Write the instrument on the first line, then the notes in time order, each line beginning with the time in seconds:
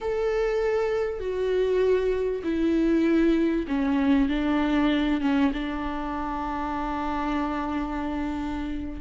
viola
0.00 A4
1.19 F#4
2.43 E4
3.67 C#4
4.29 D4
5.20 C#4
5.53 D4